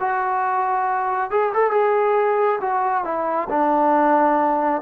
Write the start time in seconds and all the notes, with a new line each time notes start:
0.00 F#4
1.31 G#4
1.54 A4
1.71 G#4
2.60 F#4
3.04 E4
3.50 D4